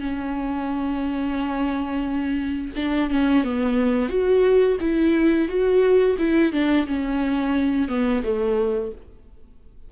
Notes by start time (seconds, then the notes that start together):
0.00 C#4
2.76 D4
3.10 C#4
3.44 B3
4.09 F#4
4.81 E4
5.49 F#4
6.19 E4
6.52 D4
6.87 C#4
7.89 B3
8.24 A3